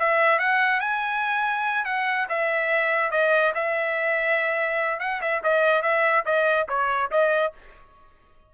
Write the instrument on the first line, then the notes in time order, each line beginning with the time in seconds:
trumpet
0.00 E5
0.39 F#5
0.81 G#5
1.86 F#5
2.29 E5
3.11 D#5
3.55 E5
5.00 F#5
5.22 E5
5.44 D#5
5.83 E5
6.26 D#5
6.69 C#5
7.12 D#5